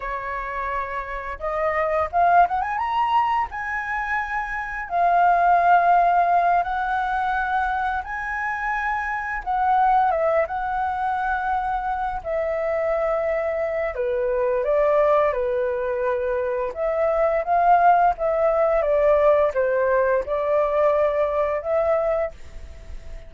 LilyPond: \new Staff \with { instrumentName = "flute" } { \time 4/4 \tempo 4 = 86 cis''2 dis''4 f''8 fis''16 gis''16 | ais''4 gis''2 f''4~ | f''4. fis''2 gis''8~ | gis''4. fis''4 e''8 fis''4~ |
fis''4. e''2~ e''8 | b'4 d''4 b'2 | e''4 f''4 e''4 d''4 | c''4 d''2 e''4 | }